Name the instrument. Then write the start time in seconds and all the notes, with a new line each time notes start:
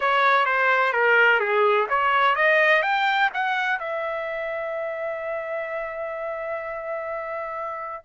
trumpet
0.00 C#5
0.45 C5
0.93 A#4
1.40 G#4
1.89 C#5
2.35 D#5
2.82 G5
3.33 F#5
3.79 E5